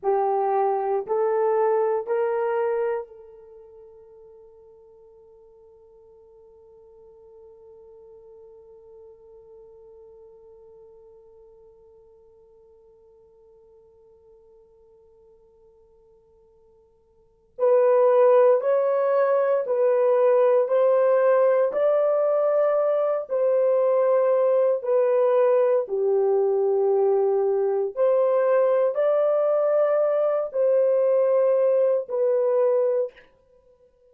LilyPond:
\new Staff \with { instrumentName = "horn" } { \time 4/4 \tempo 4 = 58 g'4 a'4 ais'4 a'4~ | a'1~ | a'1~ | a'1~ |
a'4 b'4 cis''4 b'4 | c''4 d''4. c''4. | b'4 g'2 c''4 | d''4. c''4. b'4 | }